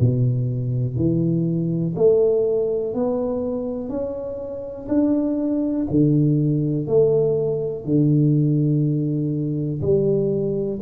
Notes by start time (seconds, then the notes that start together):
0.00 B2
0.96 E3
1.95 A3
2.94 B3
3.89 C#4
4.88 D4
5.90 D3
6.87 A3
7.85 D3
9.81 G3